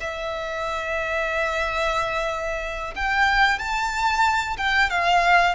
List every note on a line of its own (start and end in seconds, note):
0.00 2.93 E5
2.95 3.58 G5
3.58 4.56 A5
4.57 4.89 G5
4.89 5.55 F5